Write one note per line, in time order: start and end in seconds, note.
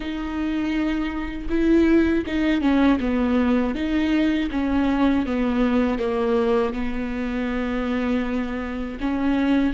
0.00 1.48 D#4
1.49 2.24 E4
2.26 2.61 D#4
2.61 2.98 C#4
3.00 3.74 B3
3.74 4.49 D#4
4.51 5.25 C#4
5.25 5.99 B3
5.99 6.73 A#3
6.73 8.98 B3
9.00 9.73 C#4